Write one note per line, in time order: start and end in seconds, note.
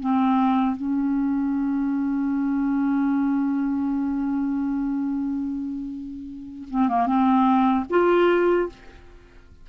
0.00 0.76 C4
0.76 6.69 C#4
6.70 6.89 C4
6.89 7.07 A#3
7.07 7.86 C4
7.90 8.69 F4